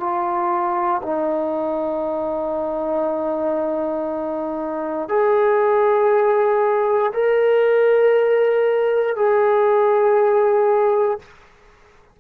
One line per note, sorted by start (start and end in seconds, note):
0.00 1.02 F4
1.03 5.09 D#4
5.09 7.12 G#4
7.14 9.16 A#4
9.16 11.20 G#4